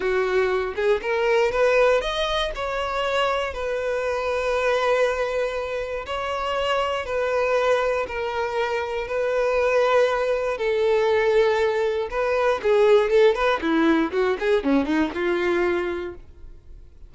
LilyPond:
\new Staff \with { instrumentName = "violin" } { \time 4/4 \tempo 4 = 119 fis'4. gis'8 ais'4 b'4 | dis''4 cis''2 b'4~ | b'1 | cis''2 b'2 |
ais'2 b'2~ | b'4 a'2. | b'4 gis'4 a'8 b'8 e'4 | fis'8 gis'8 cis'8 dis'8 f'2 | }